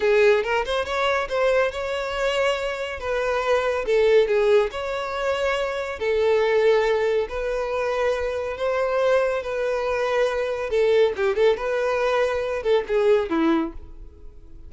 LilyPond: \new Staff \with { instrumentName = "violin" } { \time 4/4 \tempo 4 = 140 gis'4 ais'8 c''8 cis''4 c''4 | cis''2. b'4~ | b'4 a'4 gis'4 cis''4~ | cis''2 a'2~ |
a'4 b'2. | c''2 b'2~ | b'4 a'4 g'8 a'8 b'4~ | b'4. a'8 gis'4 e'4 | }